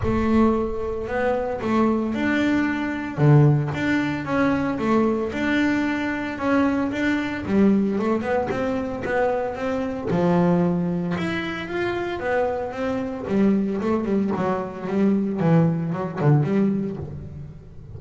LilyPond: \new Staff \with { instrumentName = "double bass" } { \time 4/4 \tempo 4 = 113 a2 b4 a4 | d'2 d4 d'4 | cis'4 a4 d'2 | cis'4 d'4 g4 a8 b8 |
c'4 b4 c'4 f4~ | f4 e'4 f'4 b4 | c'4 g4 a8 g8 fis4 | g4 e4 fis8 d8 g4 | }